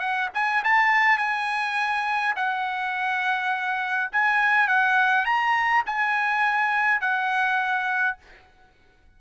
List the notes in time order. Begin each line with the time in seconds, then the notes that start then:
0.00 F#5
0.34 G#5
0.65 A5
1.18 G#5
2.36 F#5
4.12 G#5
4.68 F#5
5.26 A#5
5.86 G#5
7.01 F#5